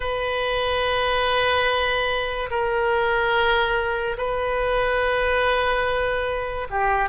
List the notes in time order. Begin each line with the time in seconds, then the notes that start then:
0.00 B4
2.50 A#4
4.17 B4
6.70 G4